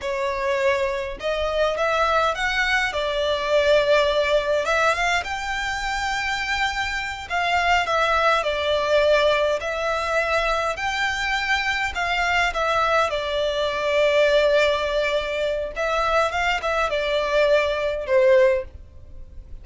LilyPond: \new Staff \with { instrumentName = "violin" } { \time 4/4 \tempo 4 = 103 cis''2 dis''4 e''4 | fis''4 d''2. | e''8 f''8 g''2.~ | g''8 f''4 e''4 d''4.~ |
d''8 e''2 g''4.~ | g''8 f''4 e''4 d''4.~ | d''2. e''4 | f''8 e''8 d''2 c''4 | }